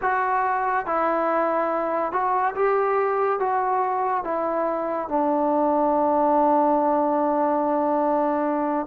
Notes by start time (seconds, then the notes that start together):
0.01 F#4
0.86 E4
2.12 F#4
2.55 G4
3.39 F#4
4.23 E4
5.08 D4